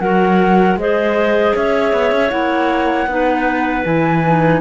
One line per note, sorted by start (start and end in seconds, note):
0.00 0.77 F#3
0.00 0.79 F#4
0.00 0.79 A#4
0.00 0.77 F#5
0.77 1.54 G#3
0.77 2.30 G#4
0.77 1.56 C5
0.77 1.55 D#5
1.56 1.93 C#4
1.56 3.10 C#5
1.56 2.30 E5
1.93 2.12 B3
2.12 2.31 C#4
2.30 3.07 A#3
2.30 3.07 E4
2.30 3.84 F#5
3.07 3.84 B3
3.07 3.85 D#4
3.07 4.61 B4
3.85 4.61 E3
3.85 4.23 E4
3.85 4.61 G#5
4.27 4.61 D#4